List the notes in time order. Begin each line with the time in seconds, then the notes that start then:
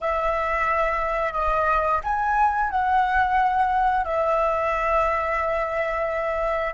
0.00 E5
1.32 D#5
2.03 G#5
2.70 F#5
4.04 E5